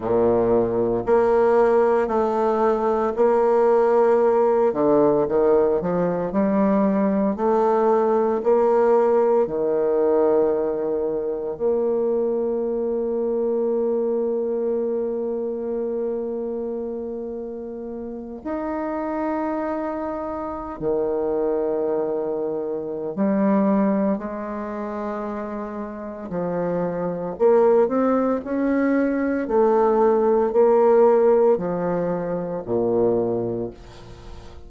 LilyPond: \new Staff \with { instrumentName = "bassoon" } { \time 4/4 \tempo 4 = 57 ais,4 ais4 a4 ais4~ | ais8 d8 dis8 f8 g4 a4 | ais4 dis2 ais4~ | ais1~ |
ais4. dis'2~ dis'16 dis16~ | dis2 g4 gis4~ | gis4 f4 ais8 c'8 cis'4 | a4 ais4 f4 ais,4 | }